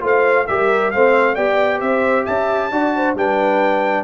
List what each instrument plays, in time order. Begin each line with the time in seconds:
0.00 tuba A3, trombone F4, horn C5, trumpet F5
0.47 tuba G3, trombone G4, horn A#4, trumpet E5
0.91 tuba A3, trombone C4, horn C5, trumpet F5
1.34 tuba B3, trombone G4, horn D5, trumpet G5
1.80 tuba C4, horn C5, trumpet E5
2.25 tuba C#4, horn E5, trumpet A5
2.71 tuba D4, trombone F#4, horn D5
2.96 horn C5
3.14 tuba G3, trombone D4, horn B4, trumpet G5